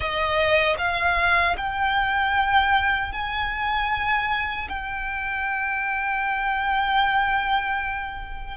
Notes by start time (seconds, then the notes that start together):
0.00 D#5
0.78 F5
1.57 G5
3.12 G#5
4.68 G5